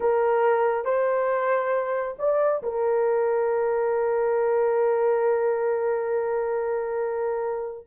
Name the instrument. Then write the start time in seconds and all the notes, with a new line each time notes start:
horn
0.00 A#4
0.84 C5
2.18 D5
2.62 A#4